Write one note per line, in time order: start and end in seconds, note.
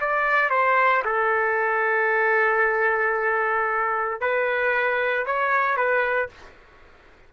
0.00 0.50 D5
0.50 1.02 C5
1.05 4.21 A4
4.21 5.26 B4
5.26 5.76 C#5
5.76 6.29 B4